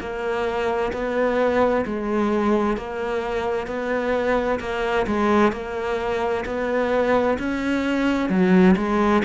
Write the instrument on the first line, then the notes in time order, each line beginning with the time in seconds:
cello
0.00 A#3
0.92 B3
1.86 G#3
2.77 A#3
3.67 B3
4.60 A#3
5.06 G#3
5.52 A#3
6.45 B3
7.38 C#4
8.29 F#3
8.77 G#3